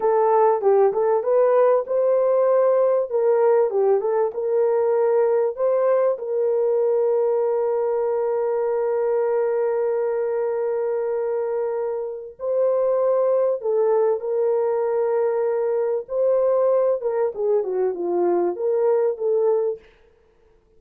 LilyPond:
\new Staff \with { instrumentName = "horn" } { \time 4/4 \tempo 4 = 97 a'4 g'8 a'8 b'4 c''4~ | c''4 ais'4 g'8 a'8 ais'4~ | ais'4 c''4 ais'2~ | ais'1~ |
ais'1 | c''2 a'4 ais'4~ | ais'2 c''4. ais'8 | gis'8 fis'8 f'4 ais'4 a'4 | }